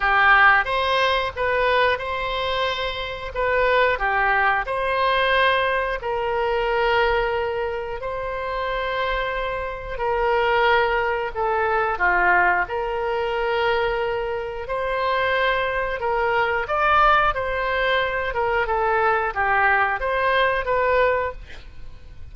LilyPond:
\new Staff \with { instrumentName = "oboe" } { \time 4/4 \tempo 4 = 90 g'4 c''4 b'4 c''4~ | c''4 b'4 g'4 c''4~ | c''4 ais'2. | c''2. ais'4~ |
ais'4 a'4 f'4 ais'4~ | ais'2 c''2 | ais'4 d''4 c''4. ais'8 | a'4 g'4 c''4 b'4 | }